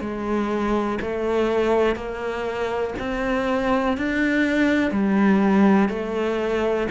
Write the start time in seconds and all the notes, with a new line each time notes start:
0.00 G#3
1.01 A3
1.95 A#3
2.99 C4
3.97 D4
4.91 G3
5.88 A3